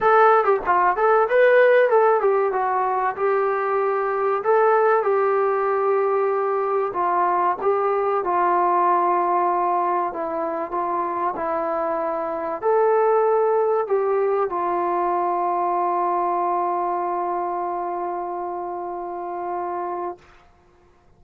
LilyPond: \new Staff \with { instrumentName = "trombone" } { \time 4/4 \tempo 4 = 95 a'8. g'16 f'8 a'8 b'4 a'8 g'8 | fis'4 g'2 a'4 | g'2. f'4 | g'4 f'2. |
e'4 f'4 e'2 | a'2 g'4 f'4~ | f'1~ | f'1 | }